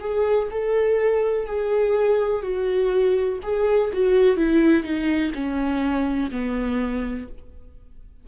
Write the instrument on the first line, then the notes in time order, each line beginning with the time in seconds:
viola
0.00 G#4
0.51 A4
1.46 G#4
2.42 F#4
3.43 G#4
3.93 F#4
4.36 E4
4.83 D#4
5.34 C#4
6.31 B3